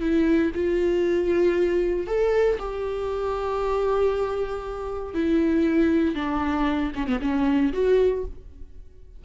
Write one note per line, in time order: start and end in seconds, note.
0.00 0.51 E4
0.55 2.07 F4
2.07 2.58 A4
2.59 5.14 G4
5.14 6.15 E4
6.15 6.92 D4
6.95 7.07 C#4
7.07 7.20 B3
7.21 7.72 C#4
7.73 8.24 F#4